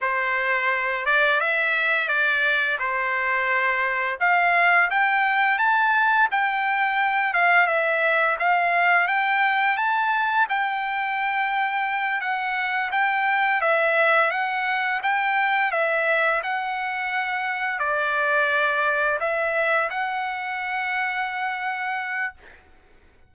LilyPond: \new Staff \with { instrumentName = "trumpet" } { \time 4/4 \tempo 4 = 86 c''4. d''8 e''4 d''4 | c''2 f''4 g''4 | a''4 g''4. f''8 e''4 | f''4 g''4 a''4 g''4~ |
g''4. fis''4 g''4 e''8~ | e''8 fis''4 g''4 e''4 fis''8~ | fis''4. d''2 e''8~ | e''8 fis''2.~ fis''8 | }